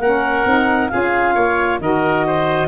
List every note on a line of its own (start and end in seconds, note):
0.00 0.45 A#3
0.00 0.47 C#4
0.00 0.91 A#4
0.00 0.90 F#5
0.45 0.90 C4
0.45 0.91 D#4
0.90 1.36 C#4
0.90 1.81 F4
0.90 1.35 G#4
0.90 1.79 F5
1.35 1.80 A#3
1.35 1.80 C#5
1.80 2.68 D#3
1.80 2.68 F#4
1.80 2.27 A#4
1.80 2.68 D#5
2.27 2.68 C5